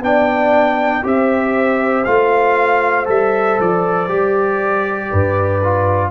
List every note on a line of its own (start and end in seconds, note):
0.00 1.02 B3
0.00 1.03 D4
0.00 1.04 D5
0.00 1.05 G5
1.03 2.05 C4
1.03 2.05 G4
1.03 5.10 C5
1.03 2.04 E5
2.04 3.08 A3
2.04 3.05 F4
2.04 3.06 F5
3.05 3.59 G3
3.05 4.07 A4
3.05 3.60 E5
3.60 4.08 F3
3.60 6.10 D5
4.08 5.10 G3
4.08 5.61 G4
5.10 6.10 G2
5.10 6.10 B4
5.63 6.10 F4